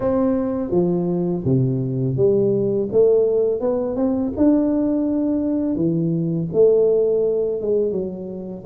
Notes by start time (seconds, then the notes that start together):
0.00 C4
0.70 F3
1.45 C3
2.16 G3
2.91 A3
3.60 B3
3.96 C4
4.36 D4
5.75 E3
6.53 A3
7.61 G#3
7.91 F#3